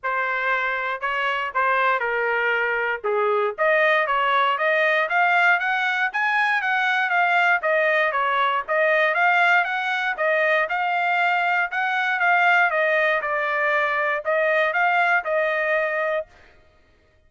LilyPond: \new Staff \with { instrumentName = "trumpet" } { \time 4/4 \tempo 4 = 118 c''2 cis''4 c''4 | ais'2 gis'4 dis''4 | cis''4 dis''4 f''4 fis''4 | gis''4 fis''4 f''4 dis''4 |
cis''4 dis''4 f''4 fis''4 | dis''4 f''2 fis''4 | f''4 dis''4 d''2 | dis''4 f''4 dis''2 | }